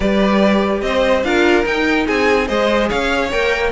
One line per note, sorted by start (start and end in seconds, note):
0.00 0.82 G3
0.00 1.23 G4
0.00 0.83 B4
0.00 0.81 D5
0.81 1.23 C4
0.81 1.26 C5
0.81 1.22 D#5
1.23 1.64 D4
1.23 1.64 F4
1.23 2.06 A#4
1.23 1.65 F5
1.64 2.46 D#4
1.64 2.07 D#4
1.64 2.07 G5
2.06 2.49 C4
2.06 2.47 G#4
2.06 2.47 G#5
2.47 2.90 G#3
2.47 3.30 G#4
2.47 2.89 C5
2.47 2.89 D#5
2.89 3.32 C#4
2.89 3.71 C#5
2.89 3.31 F5
3.31 3.71 A#3
3.31 3.71 A#4
3.31 3.71 G5